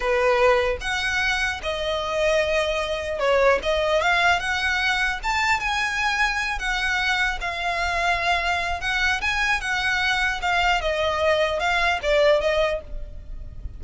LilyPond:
\new Staff \with { instrumentName = "violin" } { \time 4/4 \tempo 4 = 150 b'2 fis''2 | dis''1 | cis''4 dis''4 f''4 fis''4~ | fis''4 a''4 gis''2~ |
gis''8 fis''2 f''4.~ | f''2 fis''4 gis''4 | fis''2 f''4 dis''4~ | dis''4 f''4 d''4 dis''4 | }